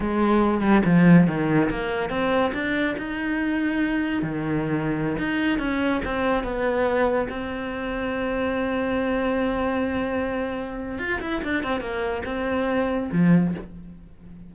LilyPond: \new Staff \with { instrumentName = "cello" } { \time 4/4 \tempo 4 = 142 gis4. g8 f4 dis4 | ais4 c'4 d'4 dis'4~ | dis'2 dis2~ | dis16 dis'4 cis'4 c'4 b8.~ |
b4~ b16 c'2~ c'8.~ | c'1~ | c'2 f'8 e'8 d'8 c'8 | ais4 c'2 f4 | }